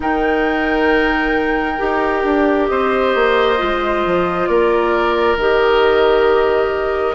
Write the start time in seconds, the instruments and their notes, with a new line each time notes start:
0.00 bassoon D#3, clarinet D#4, oboe A#4, flute G5
1.78 bassoon D#4, clarinet G4
2.24 bassoon D4
2.68 bassoon C4, oboe C5, flute D#5
3.14 bassoon A#3
3.57 bassoon G#3, clarinet F4
4.05 bassoon F3
4.46 bassoon A#3, oboe A#4, flute D5
5.36 bassoon D#3, clarinet G4, flute D#5